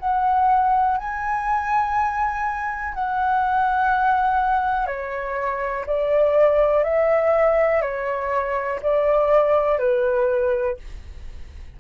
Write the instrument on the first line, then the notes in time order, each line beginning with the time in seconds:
flute
0.00 F#5
0.98 G#5
2.95 F#5
4.87 C#5
5.87 D5
6.84 E5
7.82 C#5
8.83 D5
9.79 B4